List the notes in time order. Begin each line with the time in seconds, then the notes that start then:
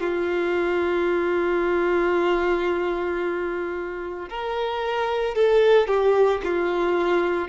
0.00 F4
4.29 A#4
5.34 A4
5.87 G4
6.43 F4